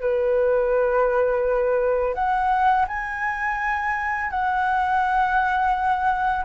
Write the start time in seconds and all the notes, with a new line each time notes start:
0.00 B4
2.14 F#5
2.87 G#5
4.30 F#5